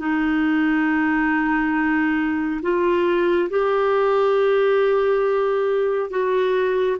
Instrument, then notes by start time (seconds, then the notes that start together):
clarinet
0.00 D#4
2.62 F4
3.50 G4
6.10 F#4